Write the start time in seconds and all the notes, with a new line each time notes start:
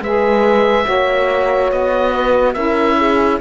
0.00 G#3 G#4 B4 E5
0.85 A#3 F#4 C#5
1.71 B3 D#5
2.12 B4
2.53 C#4 E4 A#4 E5
2.98 G#4